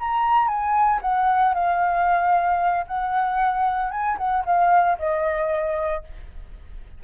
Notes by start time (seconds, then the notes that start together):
0.00 A#5
0.48 G#5
1.02 F#5
1.54 F5
2.87 F#5
3.91 G#5
4.18 F#5
4.46 F5
4.99 D#5